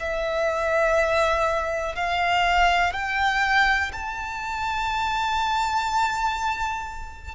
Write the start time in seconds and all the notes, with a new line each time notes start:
0.00 E5
1.95 F5
2.93 G5
3.93 A5